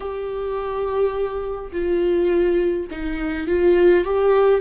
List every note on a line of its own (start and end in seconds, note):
0.00 1.71 G4
1.72 2.87 F4
2.91 3.47 D#4
3.47 4.04 F4
4.04 4.60 G4